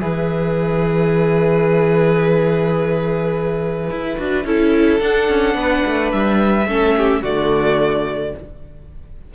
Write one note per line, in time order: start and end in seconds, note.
0.00 3.90 E3
0.00 4.17 G#4
0.00 4.46 B4
0.00 5.00 E5
3.90 4.18 E4
4.17 4.44 D4
4.17 4.45 F#4
4.44 5.00 C#4
4.44 5.01 E4
4.44 5.57 A4
5.00 5.29 D4
5.00 6.68 D4
5.00 6.11 F#5
5.29 5.55 C#4
5.55 5.83 B3
5.55 6.68 B4
5.86 6.13 A3
6.12 6.66 G3
6.12 7.23 E5
6.66 7.22 A3
6.66 7.23 C#4
6.66 6.96 A4
6.97 7.22 G4
7.22 8.34 D3
7.22 8.34 A3
7.22 8.33 F#4
7.22 8.35 D5